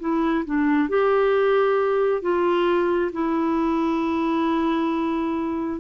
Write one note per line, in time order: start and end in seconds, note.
0.00 0.45 E4
0.46 0.90 D4
0.90 2.22 G4
2.22 3.12 F4
3.13 5.80 E4